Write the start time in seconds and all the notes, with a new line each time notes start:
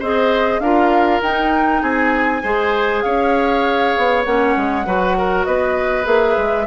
0.00 C4 G#4 C5 D#5
0.60 D4 F4 A#4 F5
1.22 D#4 G5
1.82 C4 G#4 G#5
2.43 G#3 G#4 C5
3.02 C#4 C#5 F5
3.97 B3
4.24 A#3 C#4 F#5
4.57 G#3
4.86 F#3 F#4 B4
5.18 A#4
5.45 B3 B4 D#5
6.04 A#3 G#4 E5
6.37 G#3